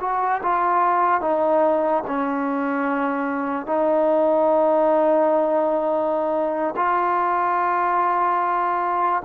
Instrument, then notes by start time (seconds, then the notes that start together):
trombone
0.00 F#4
0.42 F4
1.21 D#4
2.07 C#4
3.66 D#4
6.76 F4